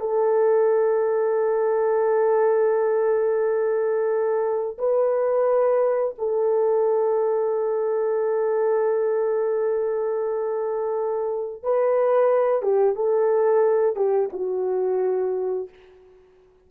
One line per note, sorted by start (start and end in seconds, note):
0.00 4.77 A4
4.78 6.14 B4
6.18 11.62 A4
11.62 12.62 B4
12.62 12.95 G4
12.95 13.95 A4
13.95 14.29 G4
14.32 15.68 F#4